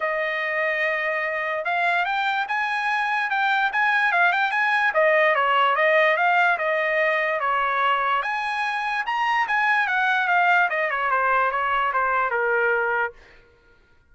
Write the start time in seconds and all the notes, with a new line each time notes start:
0.00 D#5
1.64 F5
2.05 G5
2.48 G#5
3.30 G5
3.72 G#5
4.12 F5
4.32 G5
4.51 G#5
4.94 D#5
5.35 C#5
5.75 D#5
6.16 F5
6.58 D#5
7.40 C#5
8.22 G#5
9.06 A#5
9.47 G#5
9.87 F#5
10.27 F5
10.69 D#5
10.90 C#5
11.11 C5
11.51 C#5
11.93 C5
12.30 A#4